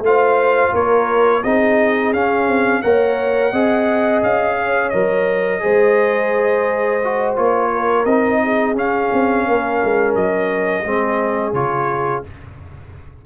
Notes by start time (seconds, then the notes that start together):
0.00 A3 F4 F5
0.08 C5
0.73 A#3 A#4 C#5
1.43 C4 D#4 G#4 D#5
2.14 C#4 F5
2.48 C4
2.82 A#3 A#4 C#5 F#5
3.53 C4 G#4 D#5
4.23 C#4 F5
4.58 C#5
4.90 F#3 A#4 D#5
5.60 G#3 G#4 C5
7.04 F#4
7.36 A#3 F4 C#5
7.72 A#4
8.05 C4 D#4 D#5
8.44 G#4
8.75 C#4 F5
9.13 C4
9.48 A#3 A#4
9.84 G#3
10.16 F#3 D#5
10.85 G#3 C4 G#4
11.54 C#3 F4 C#5